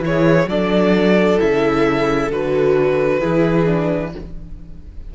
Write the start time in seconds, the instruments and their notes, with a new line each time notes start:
0.00 cello E3, viola E4, violin C#5
0.07 violin G#4
0.47 cello F#3, viola D4, violin A4 D5
1.38 cello C#3, viola E4, violin E5
2.31 cello D3, viola F#4, violin B4
3.19 cello E3, viola E4, violin G#4
3.66 viola D4